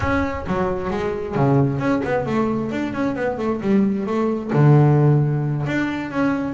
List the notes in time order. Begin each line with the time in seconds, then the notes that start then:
0.00 C#4
0.46 F#3
0.90 G#3
1.35 C#3
1.79 C#4
2.04 B3
2.26 A3
2.71 D4
2.93 C#4
3.15 B3
3.38 A3
3.61 G3
4.06 A3
4.53 D3
5.66 D4
6.10 C#4